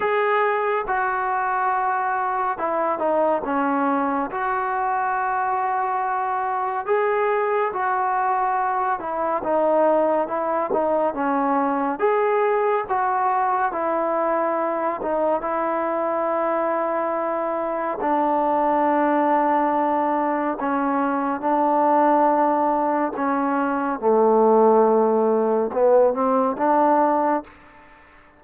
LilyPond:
\new Staff \with { instrumentName = "trombone" } { \time 4/4 \tempo 4 = 70 gis'4 fis'2 e'8 dis'8 | cis'4 fis'2. | gis'4 fis'4. e'8 dis'4 | e'8 dis'8 cis'4 gis'4 fis'4 |
e'4. dis'8 e'2~ | e'4 d'2. | cis'4 d'2 cis'4 | a2 b8 c'8 d'4 | }